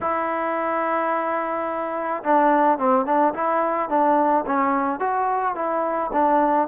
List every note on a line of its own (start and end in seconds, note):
0.01 2.23 E4
2.23 2.78 D4
2.78 3.05 C4
3.05 3.33 D4
3.34 3.89 E4
3.89 4.44 D4
4.46 4.99 C#4
4.99 5.55 F#4
5.55 6.10 E4
6.12 6.67 D4